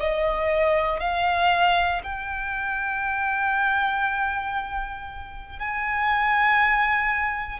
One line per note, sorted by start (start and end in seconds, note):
0.00 1.00 D#5
1.00 2.02 F5
2.04 5.59 G5
5.59 7.60 G#5